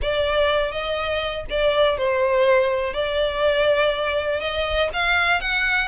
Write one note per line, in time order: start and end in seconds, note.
0.02 0.71 D5
0.71 1.45 D#5
1.50 1.97 D5
1.97 2.93 C5
2.93 4.40 D5
4.40 4.89 D#5
4.93 5.41 F5
5.41 5.88 F#5